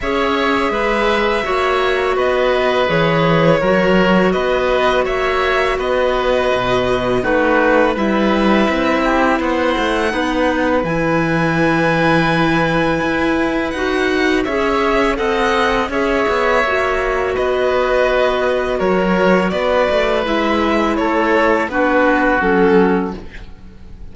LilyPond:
<<
  \new Staff \with { instrumentName = "violin" } { \time 4/4 \tempo 4 = 83 e''2. dis''4 | cis''2 dis''4 e''4 | dis''2 b'4 e''4~ | e''4 fis''2 gis''4~ |
gis''2. fis''4 | e''4 fis''4 e''2 | dis''2 cis''4 d''4 | e''4 cis''4 b'4 a'4 | }
  \new Staff \with { instrumentName = "oboe" } { \time 4/4 cis''4 b'4 cis''4 b'4~ | b'4 ais'4 b'4 cis''4 | b'2 fis'4 b'4~ | b'8 g'8 c''4 b'2~ |
b'1 | cis''4 dis''4 cis''2 | b'2 ais'4 b'4~ | b'4 a'4 fis'2 | }
  \new Staff \with { instrumentName = "clarinet" } { \time 4/4 gis'2 fis'2 | gis'4 fis'2.~ | fis'2 dis'4 e'4~ | e'2 dis'4 e'4~ |
e'2. fis'4 | gis'4 a'4 gis'4 fis'4~ | fis'1 | e'2 d'4 cis'4 | }
  \new Staff \with { instrumentName = "cello" } { \time 4/4 cis'4 gis4 ais4 b4 | e4 fis4 b4 ais4 | b4 b,4 a4 g4 | c'4 b8 a8 b4 e4~ |
e2 e'4 dis'4 | cis'4 c'4 cis'8 b8 ais4 | b2 fis4 b8 a8 | gis4 a4 b4 fis4 | }
>>